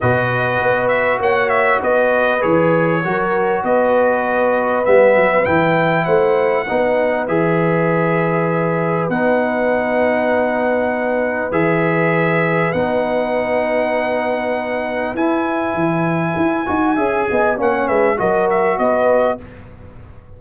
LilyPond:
<<
  \new Staff \with { instrumentName = "trumpet" } { \time 4/4 \tempo 4 = 99 dis''4. e''8 fis''8 e''8 dis''4 | cis''2 dis''2 | e''4 g''4 fis''2 | e''2. fis''4~ |
fis''2. e''4~ | e''4 fis''2.~ | fis''4 gis''2.~ | gis''4 fis''8 e''8 dis''8 e''8 dis''4 | }
  \new Staff \with { instrumentName = "horn" } { \time 4/4 b'2 cis''4 b'4~ | b'4 ais'4 b'2~ | b'2 c''4 b'4~ | b'1~ |
b'1~ | b'1~ | b'1 | e''8 dis''8 cis''8 b'8 ais'4 b'4 | }
  \new Staff \with { instrumentName = "trombone" } { \time 4/4 fis'1 | gis'4 fis'2. | b4 e'2 dis'4 | gis'2. dis'4~ |
dis'2. gis'4~ | gis'4 dis'2.~ | dis'4 e'2~ e'8 fis'8 | gis'4 cis'4 fis'2 | }
  \new Staff \with { instrumentName = "tuba" } { \time 4/4 b,4 b4 ais4 b4 | e4 fis4 b2 | g8 fis8 e4 a4 b4 | e2. b4~ |
b2. e4~ | e4 b2.~ | b4 e'4 e4 e'8 dis'8 | cis'8 b8 ais8 gis8 fis4 b4 | }
>>